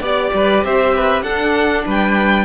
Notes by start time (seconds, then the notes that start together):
0.00 B3 G4 D5
0.33 G3 B4
0.64 C4 C5 E5
0.95 B4
1.22 D4 A4 F#5
1.85 G3 B4 G5